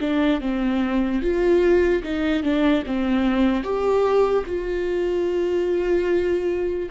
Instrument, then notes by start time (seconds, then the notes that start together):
viola
0.00 D4
0.41 C4
1.22 F4
2.03 D#4
2.43 D4
2.86 C4
3.63 G4
4.46 F4